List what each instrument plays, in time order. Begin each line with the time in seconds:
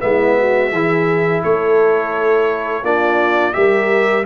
0.00 tuba G#3, trombone B3, horn E4, trumpet E5
0.38 horn F#4
0.72 tuba E3, trombone E4, horn G#4
1.43 tuba A3, horn A4, trumpet C#5
2.83 tuba A#3, trombone D4, horn F4, trumpet D5
3.53 tuba G3, trombone G4, horn A#4, trumpet E5